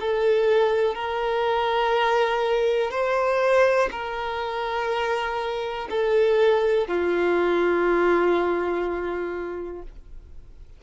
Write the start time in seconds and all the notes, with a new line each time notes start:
0.00 A4
0.95 A#4
2.91 C5
3.91 A#4
5.90 A4
6.87 F4